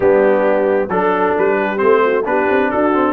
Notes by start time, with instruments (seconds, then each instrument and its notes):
0.00 tuba G3, trombone B3, horn D4, trumpet G4
0.88 tuba F#3, trombone D4, trumpet A4, horn A4
1.38 tuba G3, trumpet B4
1.59 horn G4
1.77 tuba A3, trombone C4, trumpet C5
2.04 horn F#4
2.24 tuba B3, trombone D4, horn G4, trumpet B4
2.49 tuba C4
2.70 tuba D4, horn F#4, trumpet A4
2.93 trombone C4